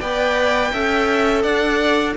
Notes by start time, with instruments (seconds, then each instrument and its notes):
0.00 cello B3, viola B4, violin D5 G5
0.72 cello C#4, viola A4, violin E5
1.42 cello D4, violin D5 F#5